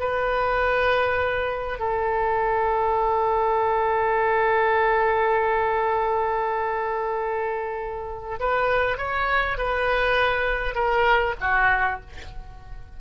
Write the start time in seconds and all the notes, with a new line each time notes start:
0.00 B4
1.79 A4
8.40 B4
8.98 C#5
9.58 B4
10.75 A#4
11.41 F#4